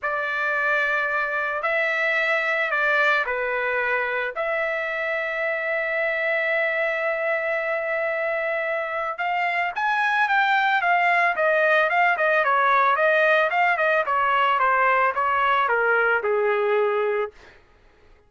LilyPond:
\new Staff \with { instrumentName = "trumpet" } { \time 4/4 \tempo 4 = 111 d''2. e''4~ | e''4 d''4 b'2 | e''1~ | e''1~ |
e''4 f''4 gis''4 g''4 | f''4 dis''4 f''8 dis''8 cis''4 | dis''4 f''8 dis''8 cis''4 c''4 | cis''4 ais'4 gis'2 | }